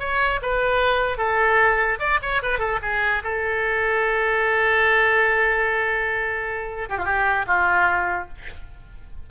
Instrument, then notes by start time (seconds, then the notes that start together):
oboe
0.00 C#5
0.42 B4
1.18 A4
2.00 D5
2.22 C#5
2.43 B4
2.59 A4
2.82 G#4
3.24 A4
6.90 G4
6.98 F4
7.05 G4
7.47 F4